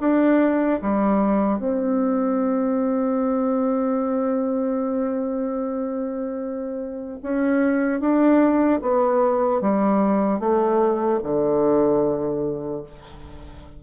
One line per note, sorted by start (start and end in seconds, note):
0.00 0.80 D4
0.81 1.59 G3
1.59 7.19 C4
7.23 8.00 C#4
8.00 8.80 D4
8.81 9.61 B3
9.61 10.39 G3
10.39 11.19 A3
11.23 12.83 D3